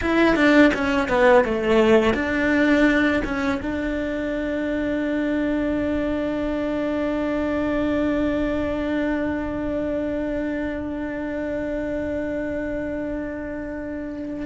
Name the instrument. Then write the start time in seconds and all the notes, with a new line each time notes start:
cello
0.01 E4
0.35 D4
0.74 C#4
1.08 B3
1.44 A3
2.14 D4
3.24 C#4
3.62 D4